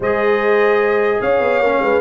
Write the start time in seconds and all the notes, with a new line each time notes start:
0.00 G#3 G#4 C5 D#5
1.21 C#4 C#5 F5
1.40 B3
1.59 A#3 C#4
1.80 G#3 B4